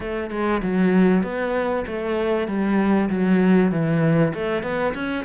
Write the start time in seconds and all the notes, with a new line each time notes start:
0.00 A3
0.30 G#3
0.62 F#3
1.23 B3
1.86 A3
2.47 G3
3.09 F#3
3.71 E3
4.34 A3
4.63 B3
4.94 C#4